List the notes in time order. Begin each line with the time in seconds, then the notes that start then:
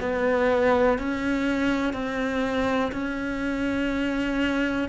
0.00 B3
0.98 C#4
1.93 C4
2.92 C#4